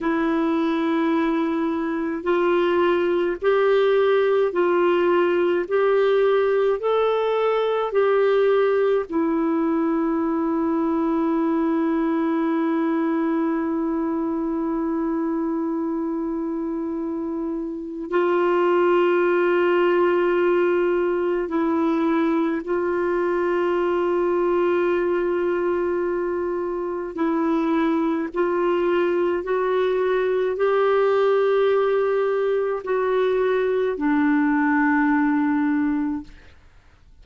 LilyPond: \new Staff \with { instrumentName = "clarinet" } { \time 4/4 \tempo 4 = 53 e'2 f'4 g'4 | f'4 g'4 a'4 g'4 | e'1~ | e'1 |
f'2. e'4 | f'1 | e'4 f'4 fis'4 g'4~ | g'4 fis'4 d'2 | }